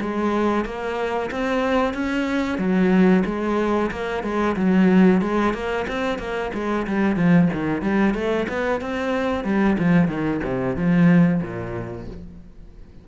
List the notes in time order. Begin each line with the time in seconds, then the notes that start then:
0.00 G#3
0.65 A#3
1.31 C4
1.94 C#4
2.58 F#3
3.25 G#3
3.90 A#3
4.23 G#3
4.56 F#3
5.21 G#3
5.53 A#3
5.88 C4
6.18 A#3
6.53 G#3
6.87 G3
7.16 F3
7.52 D#3
7.81 G3
8.14 A3
8.48 B3
8.81 C4
9.44 G3
9.78 F3
10.07 D#3
10.43 C3
10.75 F3
11.42 A#2